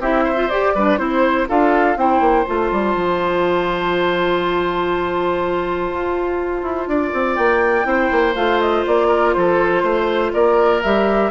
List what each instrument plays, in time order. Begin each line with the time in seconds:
0.00 bassoon C4, clarinet E4, oboe G4, flute E5
0.24 oboe C5
0.36 clarinet F4
0.49 clarinet G4, bassoon G4, flute D5
0.75 bassoon G3, clarinet D4, oboe B4
0.97 bassoon C4, clarinet E4, flute C5, oboe C5
1.48 bassoon D4, clarinet F4, oboe A4, flute F5
1.96 bassoon C4, clarinet E4, oboe C5, flute G5
2.20 bassoon A#3
2.45 bassoon A3, clarinet F4, flute A5
2.71 bassoon G3
2.95 bassoon F3
5.90 bassoon F4
6.62 bassoon E4
6.87 bassoon D4, oboe D5
7.13 bassoon C4
7.36 bassoon A#3, flute G5
7.84 bassoon C4, clarinet E4, oboe C5
8.11 bassoon A#3
8.35 bassoon A3, clarinet F4, flute F5
8.60 flute D#5
8.87 bassoon A#3, flute D5
9.08 oboe A#4
9.33 bassoon F3, oboe A4, flute C5
9.83 bassoon A3, oboe C5
10.33 bassoon A#3, oboe A#4, flute D5
10.83 bassoon G3, clarinet G4, flute E5